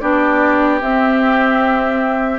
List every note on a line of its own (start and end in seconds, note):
0.00 0.81 B3
0.00 0.81 D4
0.00 2.39 G4
0.00 0.80 D5
0.81 2.39 C4
0.81 2.39 E5